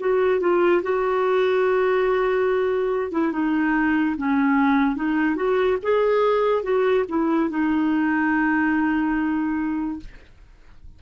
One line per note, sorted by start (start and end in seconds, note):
0.00 0.40 F#4
0.40 0.82 F4
0.83 3.11 F#4
3.11 3.32 E4
3.32 4.16 D#4
4.17 4.96 C#4
4.96 5.36 D#4
5.36 5.78 F#4
5.83 6.63 G#4
6.63 7.05 F#4
7.08 7.50 E4
7.50 10.00 D#4